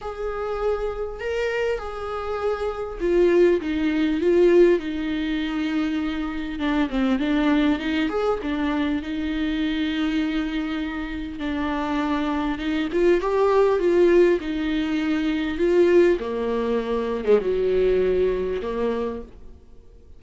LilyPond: \new Staff \with { instrumentName = "viola" } { \time 4/4 \tempo 4 = 100 gis'2 ais'4 gis'4~ | gis'4 f'4 dis'4 f'4 | dis'2. d'8 c'8 | d'4 dis'8 gis'8 d'4 dis'4~ |
dis'2. d'4~ | d'4 dis'8 f'8 g'4 f'4 | dis'2 f'4 ais4~ | ais8. gis16 fis2 ais4 | }